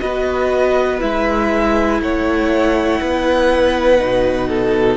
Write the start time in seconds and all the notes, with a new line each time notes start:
0.00 B3 F#4 B4 D#5
1.00 G#3 E4 E5
2.01 A3 C#5 F#5
3.01 B3 B4
3.98 B2 D#4
4.49 A4